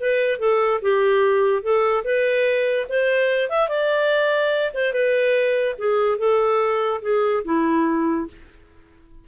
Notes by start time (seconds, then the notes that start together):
0.00 B4
0.39 A4
0.81 G4
1.62 A4
2.04 B4
2.89 C5
3.49 E5
3.68 D5
4.74 C5
4.93 B4
5.78 G#4
6.18 A4
7.02 G#4
7.44 E4